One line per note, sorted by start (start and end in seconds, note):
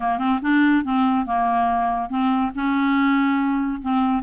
0.00 0.18 A#3
0.18 0.39 C4
0.42 0.84 D4
0.84 1.25 C4
1.25 2.09 A#3
2.09 2.51 C4
2.54 3.81 C#4
3.81 4.23 C4